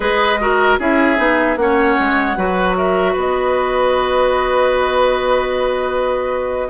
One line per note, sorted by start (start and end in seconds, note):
0.00 0.77 G#3
0.00 0.36 G#4
0.00 0.39 B4
0.00 0.78 D#5
0.39 0.79 F#4
0.39 0.79 A#4
0.78 1.18 C#4
0.78 1.16 E4
0.78 1.58 G#4
0.78 1.57 E5
1.16 1.56 B3
1.16 1.56 D#4
1.56 1.95 A#3
1.56 2.35 C#4
1.56 2.37 C#5
1.56 2.75 F#5
1.99 2.36 G#3
2.35 3.15 F#3
2.35 6.69 F#4
2.35 2.76 B4
2.76 3.12 A#4
2.76 3.15 E5
3.12 6.69 B3
3.12 6.67 B4
3.19 6.69 D#5